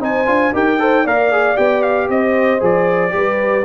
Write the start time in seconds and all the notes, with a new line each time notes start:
0.00 C4 D#4 C5 G#5
0.26 D4 F4
0.54 D#4 G4 A#4 G5
0.79 A4 C5
1.04 A#3 A#4 D5 F5
1.32 G#4
1.56 B3 G4 G5
1.82 F5
2.09 C4 C5 D#5
2.60 F3 G#4 D5
3.11 G3 G4 B4